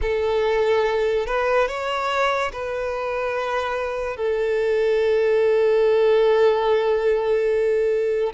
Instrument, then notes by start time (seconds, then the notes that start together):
violin
0.01 A4
1.26 B4
1.68 C#5
2.52 B4
4.16 A4